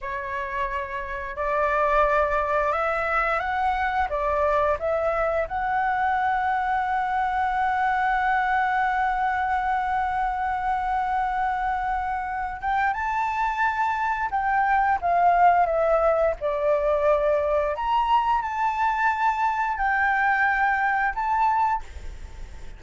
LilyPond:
\new Staff \with { instrumentName = "flute" } { \time 4/4 \tempo 4 = 88 cis''2 d''2 | e''4 fis''4 d''4 e''4 | fis''1~ | fis''1~ |
fis''2~ fis''8 g''8 a''4~ | a''4 g''4 f''4 e''4 | d''2 ais''4 a''4~ | a''4 g''2 a''4 | }